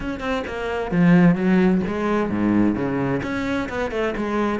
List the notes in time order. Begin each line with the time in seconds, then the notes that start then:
0.00 C#4
0.20 C4
0.47 A#3
0.91 F3
1.35 F#3
1.87 G#3
2.29 G#2
2.75 C#3
3.22 C#4
3.69 B3
3.91 A3
4.16 G#3